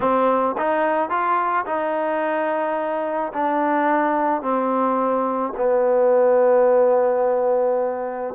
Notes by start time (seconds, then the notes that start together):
0.00 C4
0.57 D#4
1.09 F4
1.65 D#4
3.33 D4
4.41 C4
5.57 B3